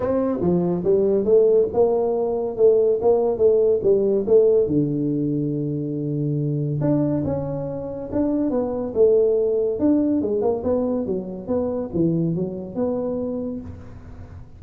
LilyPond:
\new Staff \with { instrumentName = "tuba" } { \time 4/4 \tempo 4 = 141 c'4 f4 g4 a4 | ais2 a4 ais4 | a4 g4 a4 d4~ | d1 |
d'4 cis'2 d'4 | b4 a2 d'4 | gis8 ais8 b4 fis4 b4 | e4 fis4 b2 | }